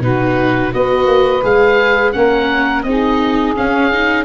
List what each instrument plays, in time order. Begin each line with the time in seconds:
0.00 tuba B2, viola D#4, saxophone F#4, oboe B4
0.72 tuba B3, viola F#4, saxophone B4, oboe D#5
1.06 tuba A#3
1.43 tuba G#3, viola G#4, oboe F5
2.13 tuba A#3, viola C#4, saxophone A#4, oboe F#5
2.83 tuba C4, saxophone G#4, oboe D#5
2.89 viola D#4
3.56 viola C#4, tuba C#4, oboe F5
3.93 viola D#4